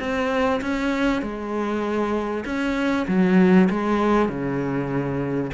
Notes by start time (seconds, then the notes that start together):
0.00 C4
0.62 C#4
1.22 G#3
2.45 C#4
3.08 F#3
3.70 G#3
4.29 C#3